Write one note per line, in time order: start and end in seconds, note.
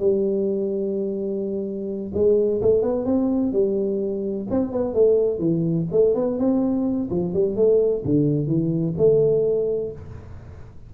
0.00 2.13 G3
2.14 2.61 G#3
2.62 2.83 A3
2.83 3.06 B3
3.06 3.53 C4
3.53 4.47 G3
4.51 4.72 C4
4.72 4.95 B3
4.95 5.39 A3
5.39 5.86 E3
5.92 6.15 A3
6.15 6.39 B3
6.39 7.10 C4
7.11 7.34 F3
7.34 7.56 G3
7.56 8.04 A3
8.05 8.48 D3
8.48 8.95 E3
8.98 9.92 A3